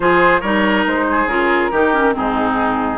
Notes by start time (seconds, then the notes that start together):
0.00 F3 F4 G#4 C5
0.41 G3 D#4 A#4 C#5
0.86 G#3 C5
1.10 G#4
1.26 C#3 F4 A#4
1.71 D#3 D#4 G4
1.93 C#4
2.12 G#2 C4 D#4 G#4